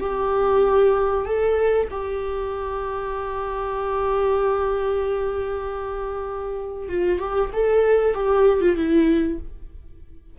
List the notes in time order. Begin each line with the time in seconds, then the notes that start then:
0.00 G4
1.25 A4
1.90 G4
6.89 F4
7.19 G4
7.53 A4
8.14 G4
8.61 F4
8.76 E4